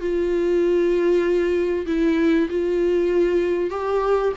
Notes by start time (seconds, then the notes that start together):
0.00 F4
1.86 E4
2.49 F4
3.70 G4